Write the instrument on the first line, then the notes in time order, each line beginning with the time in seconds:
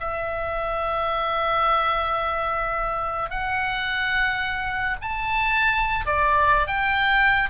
oboe
0.00 E5
3.30 F#5
5.01 A5
6.06 D5
6.67 G5